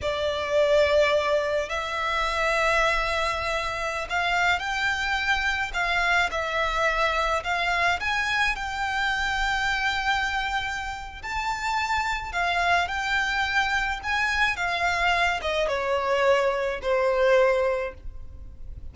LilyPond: \new Staff \with { instrumentName = "violin" } { \time 4/4 \tempo 4 = 107 d''2. e''4~ | e''2.~ e''16 f''8.~ | f''16 g''2 f''4 e''8.~ | e''4~ e''16 f''4 gis''4 g''8.~ |
g''1 | a''2 f''4 g''4~ | g''4 gis''4 f''4. dis''8 | cis''2 c''2 | }